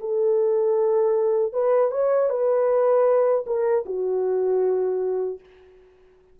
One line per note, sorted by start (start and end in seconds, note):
0.00 1.53 A4
1.53 1.91 B4
1.91 2.29 C#5
2.29 3.45 B4
3.46 3.85 A#4
3.86 5.40 F#4